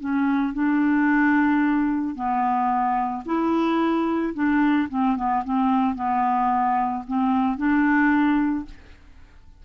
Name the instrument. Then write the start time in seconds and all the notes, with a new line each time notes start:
clarinet
0.00 C#4
0.54 D4
2.15 B3
3.26 E4
4.34 D4
4.89 C4
5.16 B3
5.44 C4
5.95 B3
7.07 C4
7.57 D4